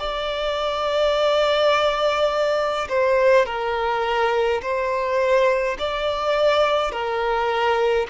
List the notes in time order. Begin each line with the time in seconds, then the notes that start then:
0.00 D5
2.89 C5
3.46 A#4
4.62 C5
5.80 D5
6.92 A#4